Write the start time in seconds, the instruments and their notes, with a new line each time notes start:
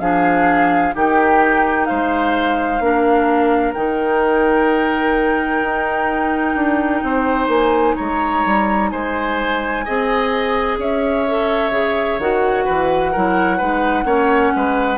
0.00 bassoon F3, clarinet D4, oboe G#4, flute F5
0.94 bassoon D#3, clarinet D#4, oboe G4, flute G5
1.86 bassoon G#3, oboe C5, flute F5
2.80 bassoon A#3, clarinet D4, oboe A#4
3.73 bassoon D#3, clarinet D#4, flute G5
5.62 bassoon D#4
6.55 bassoon D4
7.03 bassoon C4, oboe C5
7.48 bassoon A#3, flute G#5
7.96 bassoon G#3, oboe C#5, flute A#5
8.46 bassoon G3
8.90 bassoon G#3, oboe C5, flute G#5
9.85 bassoon C4, clarinet G#4, oboe D#5
10.78 bassoon C#4, oboe C#5, flute E5
11.28 clarinet A4
11.71 bassoon C#3, clarinet G#4
12.19 bassoon D#3, clarinet F#4, flute F#5
12.65 bassoon E3, oboe B4
13.12 bassoon F#3, clarinet E4, oboe A#4
13.57 bassoon G#3, clarinet D#4, oboe B4
14.04 bassoon A#3, clarinet C#4, oboe C#5
14.56 bassoon G#3, oboe B4